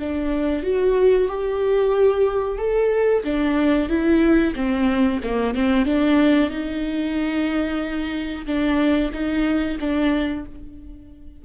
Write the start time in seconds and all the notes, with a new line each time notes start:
0.00 D4
0.63 F#4
1.29 G4
2.58 A4
3.24 D4
3.90 E4
4.56 C4
5.24 A#3
5.55 C4
5.86 D4
6.51 D#4
8.47 D4
9.14 D#4
9.80 D4